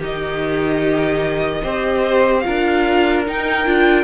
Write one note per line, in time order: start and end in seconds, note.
0.00 1.62 D#3
0.00 1.64 D#4
0.00 1.62 G4
0.00 2.40 D#5
1.64 2.45 C4
1.64 2.44 G4
1.64 2.45 C5
2.40 3.25 F4
2.40 3.21 F5
2.46 3.28 D4
2.46 4.04 A#4
3.26 3.66 D#4
3.26 3.67 D#4
3.26 4.04 G5
3.66 4.04 D4
3.66 4.04 F4